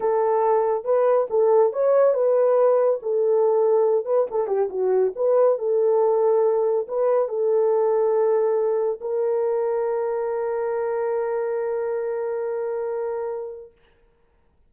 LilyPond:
\new Staff \with { instrumentName = "horn" } { \time 4/4 \tempo 4 = 140 a'2 b'4 a'4 | cis''4 b'2 a'4~ | a'4. b'8 a'8 g'8 fis'4 | b'4 a'2. |
b'4 a'2.~ | a'4 ais'2.~ | ais'1~ | ais'1 | }